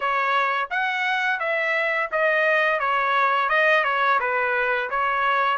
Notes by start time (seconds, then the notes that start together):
0.00 C#5
0.70 F#5
1.39 E5
2.11 D#5
2.79 C#5
3.49 D#5
3.84 C#5
4.20 B4
4.90 C#5